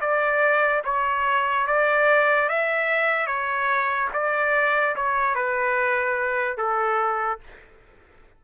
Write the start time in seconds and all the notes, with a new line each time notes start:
0.00 D5
0.84 C#5
1.67 D5
2.49 E5
3.26 C#5
4.13 D5
4.95 C#5
5.35 B4
6.57 A4